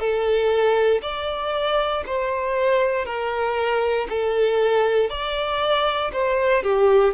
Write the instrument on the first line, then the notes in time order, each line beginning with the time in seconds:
violin
0.00 A4
1.02 D5
2.06 C5
3.06 A#4
4.10 A4
5.10 D5
6.12 C5
6.63 G4